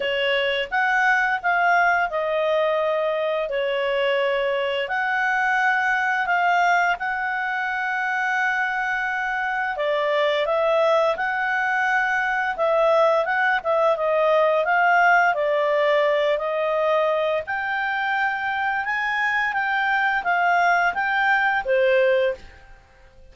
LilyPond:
\new Staff \with { instrumentName = "clarinet" } { \time 4/4 \tempo 4 = 86 cis''4 fis''4 f''4 dis''4~ | dis''4 cis''2 fis''4~ | fis''4 f''4 fis''2~ | fis''2 d''4 e''4 |
fis''2 e''4 fis''8 e''8 | dis''4 f''4 d''4. dis''8~ | dis''4 g''2 gis''4 | g''4 f''4 g''4 c''4 | }